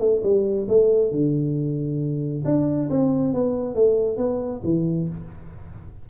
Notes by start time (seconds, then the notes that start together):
0.00 A3
0.23 G3
0.69 A3
1.12 D3
2.45 D4
2.90 C4
3.34 B3
3.75 A3
4.18 B3
4.64 E3